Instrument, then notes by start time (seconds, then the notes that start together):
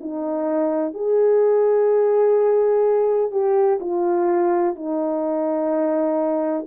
horn
0.00 D#4
0.94 G#4
3.32 G4
3.80 F4
4.75 D#4